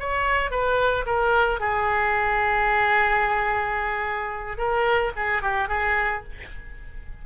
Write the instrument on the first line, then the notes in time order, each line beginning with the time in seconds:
oboe
0.00 C#5
0.51 B4
1.06 A#4
1.60 G#4
4.58 A#4
5.16 G#4
5.42 G4
5.69 G#4